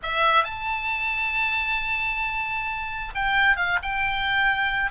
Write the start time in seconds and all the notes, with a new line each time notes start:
0.02 E5
0.44 A5
3.14 G5
3.56 F5
3.82 G5